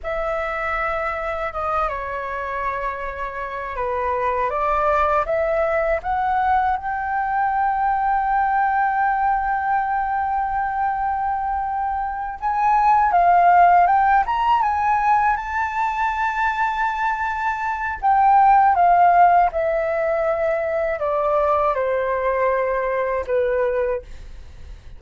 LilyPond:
\new Staff \with { instrumentName = "flute" } { \time 4/4 \tempo 4 = 80 e''2 dis''8 cis''4.~ | cis''4 b'4 d''4 e''4 | fis''4 g''2.~ | g''1~ |
g''8 gis''4 f''4 g''8 ais''8 gis''8~ | gis''8 a''2.~ a''8 | g''4 f''4 e''2 | d''4 c''2 b'4 | }